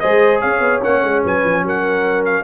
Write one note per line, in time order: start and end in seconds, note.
0.00 0.43 G#3
0.00 0.82 G#4
0.00 0.41 C5
0.00 0.41 D#5
0.41 0.60 C#4
0.41 1.22 C#5
0.41 0.82 F5
0.60 0.81 B3
0.82 1.03 A#3
0.82 2.44 C#4
0.82 1.24 F#5
1.03 1.24 G#3
1.24 1.44 F#3
1.24 1.64 B4
1.24 1.67 G#5
1.44 1.63 F3
1.63 2.44 F#3
1.63 2.44 A#4
1.63 2.25 F#5
2.25 2.44 F5